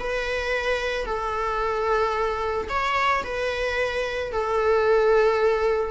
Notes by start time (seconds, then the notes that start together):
0.00 B4
1.06 A4
2.70 C#5
3.24 B4
4.33 A4